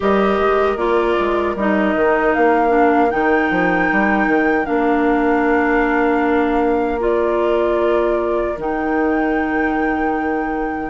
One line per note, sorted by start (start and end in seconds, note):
0.00 0.39 G3
0.00 0.77 G4
0.00 10.90 A#4
0.00 0.77 D#5
0.39 0.76 G#3
0.76 1.15 A#3
0.76 1.55 F4
0.76 1.55 D5
1.19 1.55 G#3
1.55 1.94 G3
1.55 2.68 D#4
1.55 2.33 D#5
1.95 2.34 D#3
2.33 3.13 A#3
2.33 3.10 F5
2.68 3.07 D4
3.10 3.50 D#3
3.10 4.64 D#4
3.10 4.65 G5
3.50 3.89 F3
3.92 4.27 G3
4.27 4.66 D#3
4.64 8.57 A#3
4.64 6.98 D4
4.64 6.99 F5
6.99 8.55 F4
6.99 8.58 D5
8.57 10.90 D#3
8.57 10.90 D#4
8.57 10.90 G5